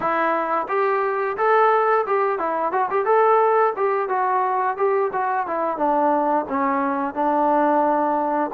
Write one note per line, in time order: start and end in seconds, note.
0.00 0.67 E4
0.68 1.36 G4
1.37 2.05 A4
2.06 2.38 G4
2.38 2.71 E4
2.71 2.89 F#4
2.90 3.05 G4
3.05 3.73 A4
3.76 4.08 G4
4.08 4.77 F#4
4.77 5.11 G4
5.12 5.46 F#4
5.46 5.77 E4
5.77 6.45 D4
6.48 7.14 C#4
7.14 8.50 D4